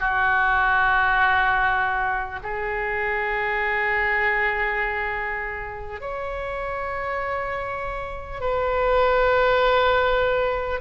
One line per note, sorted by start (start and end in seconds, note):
0.00 2.40 F#4
2.43 6.01 G#4
6.01 8.41 C#5
8.41 10.81 B4